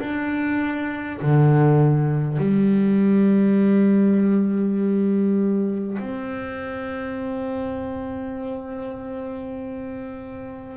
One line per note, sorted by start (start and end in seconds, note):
0.00 1.20 D4
1.22 2.38 D3
2.38 5.98 G3
5.99 10.77 C4